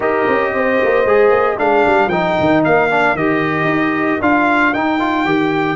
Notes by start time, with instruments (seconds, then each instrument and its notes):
0.00 tuba D#4, trombone G4, horn A#4, trumpet D#5
0.27 tuba C#4
0.53 tuba C4, horn C5
0.83 tuba A#3
1.05 tuba G#3, trombone G#4
1.30 tuba A#3
1.58 tuba G#3, trombone D4, horn A#4, trumpet F5
1.86 tuba G3
2.07 tuba F3, trombone D#4, trumpet G5
2.40 tuba D#3
2.64 tuba A#3, trumpet F5
2.90 trombone D4
3.14 tuba D#3, trombone G4, trumpet D#5
3.64 tuba D#4
4.21 tuba D4, trombone F4, trumpet F5
4.73 tuba D#4, trombone D#4, trumpet G5
4.99 trombone F4
5.25 tuba D#3, trombone G4